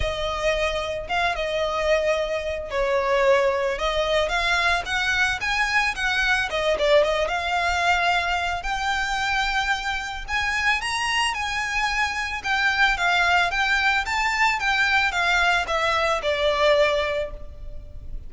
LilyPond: \new Staff \with { instrumentName = "violin" } { \time 4/4 \tempo 4 = 111 dis''2 f''8 dis''4.~ | dis''4 cis''2 dis''4 | f''4 fis''4 gis''4 fis''4 | dis''8 d''8 dis''8 f''2~ f''8 |
g''2. gis''4 | ais''4 gis''2 g''4 | f''4 g''4 a''4 g''4 | f''4 e''4 d''2 | }